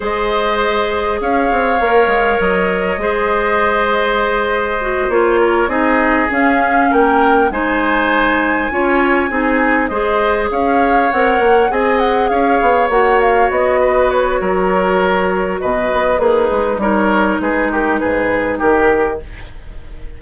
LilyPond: <<
  \new Staff \with { instrumentName = "flute" } { \time 4/4 \tempo 4 = 100 dis''2 f''2 | dis''1~ | dis''8 cis''4 dis''4 f''4 g''8~ | g''8 gis''2.~ gis''8~ |
gis''8 dis''4 f''4 fis''4 gis''8 | fis''8 f''4 fis''8 f''8 dis''4 cis''8~ | cis''2 dis''4 b'4 | cis''4 b'8 ais'8 b'4 ais'4 | }
  \new Staff \with { instrumentName = "oboe" } { \time 4/4 c''2 cis''2~ | cis''4 c''2.~ | c''4 ais'8 gis'2 ais'8~ | ais'8 c''2 cis''4 gis'8~ |
gis'8 c''4 cis''2 dis''8~ | dis''8 cis''2~ cis''8 b'4 | ais'2 b'4 dis'4 | ais'4 gis'8 g'8 gis'4 g'4 | }
  \new Staff \with { instrumentName = "clarinet" } { \time 4/4 gis'2. ais'4~ | ais'4 gis'2. | fis'8 f'4 dis'4 cis'4.~ | cis'8 dis'2 f'4 dis'8~ |
dis'8 gis'2 ais'4 gis'8~ | gis'4. fis'2~ fis'8~ | fis'2. gis'4 | dis'1 | }
  \new Staff \with { instrumentName = "bassoon" } { \time 4/4 gis2 cis'8 c'8 ais8 gis8 | fis4 gis2.~ | gis8 ais4 c'4 cis'4 ais8~ | ais8 gis2 cis'4 c'8~ |
c'8 gis4 cis'4 c'8 ais8 c'8~ | c'8 cis'8 b8 ais4 b4. | fis2 b,8 b8 ais8 gis8 | g4 gis4 gis,4 dis4 | }
>>